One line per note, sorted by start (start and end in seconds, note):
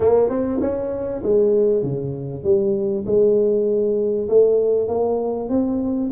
0.00 0.29 A#3
0.29 0.60 C4
0.60 1.22 C#4
1.23 1.82 G#3
1.82 2.43 C#3
2.43 3.04 G3
3.06 4.28 G#3
4.28 4.88 A3
4.88 5.49 A#3
5.49 6.10 C4